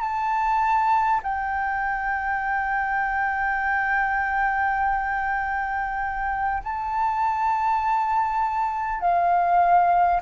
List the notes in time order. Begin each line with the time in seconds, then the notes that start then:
0.00 A5
1.23 G5
6.63 A5
9.00 F5